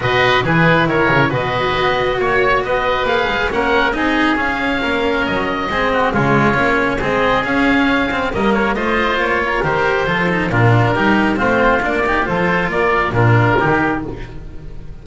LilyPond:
<<
  \new Staff \with { instrumentName = "oboe" } { \time 4/4 \tempo 4 = 137 dis''4 b'4 cis''4 dis''4~ | dis''4 cis''4 dis''4 f''4 | fis''4 dis''4 f''2 | dis''2 cis''2 |
dis''4 f''2 dis''8 cis''8 | dis''4 cis''4 c''2 | ais'2 c''4 d''4 | c''4 d''4 ais'2 | }
  \new Staff \with { instrumentName = "oboe" } { \time 4/4 b'4 gis'4 ais'4 b'4~ | b'4 cis''4 b'2 | ais'4 gis'2 ais'4~ | ais'4 gis'8 fis'8 f'2 |
gis'2. ais'4 | c''4. ais'4. a'4 | f'4 g'4 f'4. g'8 | a'4 ais'4 f'4 g'4 | }
  \new Staff \with { instrumentName = "cello" } { \time 4/4 fis'4 e'2 fis'4~ | fis'2. gis'4 | cis'4 dis'4 cis'2~ | cis'4 c'4 gis4 cis'4 |
c'4 cis'4. c'8 ais4 | f'2 g'4 f'8 dis'8 | d'4 dis'4 c'4 d'8 dis'8 | f'2 d'4 dis'4 | }
  \new Staff \with { instrumentName = "double bass" } { \time 4/4 b,4 e4 dis8 cis8 b,4 | b4 ais4 b4 ais8 gis8 | ais4 c'4 cis'4 ais4 | fis4 gis4 cis4 ais4 |
gis4 cis'2 g4 | a4 ais4 dis4 f4 | ais,4 g4 a4 ais4 | f4 ais4 ais,4 dis4 | }
>>